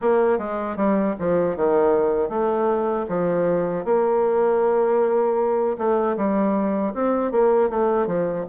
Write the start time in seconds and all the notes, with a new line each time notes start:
0.01 A#3
0.38 G#3
0.76 G3
1.19 F3
1.56 D#3
2.29 A3
3.08 F3
3.85 A#3
5.78 A3
6.16 G3
6.93 C4
7.31 A#3
7.69 A3
8.07 F3